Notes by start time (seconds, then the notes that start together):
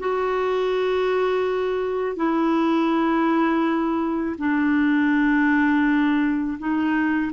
0.00 F#4
2.17 E4
4.39 D4
6.59 D#4